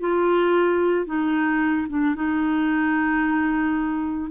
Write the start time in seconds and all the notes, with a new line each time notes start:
0.00 F4
1.06 D#4
1.89 D4
2.15 D#4